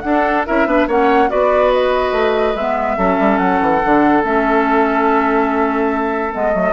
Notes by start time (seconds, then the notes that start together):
0.00 D4 A4 F#5
0.46 C#4 E4 A#4 E5
0.65 B3 D4 B4
0.87 A#3 C#4 C#5 F#5
1.28 B3 F#4 B4 D5
1.73 D#5
2.12 A3
2.55 G#3 B3 E5
2.97 F#3 C#4 A4
3.19 G3
3.37 F#3 F#5
3.61 E3
3.83 D3 D4
4.23 A3 C#4 E5
6.31 G#3 B3 D#5
6.52 F#3 A3